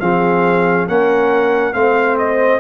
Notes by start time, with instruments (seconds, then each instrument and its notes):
0.00 tuba F3, trombone C4, horn G#4, trumpet F5
0.87 tuba A#3, trombone C#4, horn A#4, trumpet F#5
1.73 tuba A3, trombone C4, horn C5, trumpet F5
2.18 trumpet D#5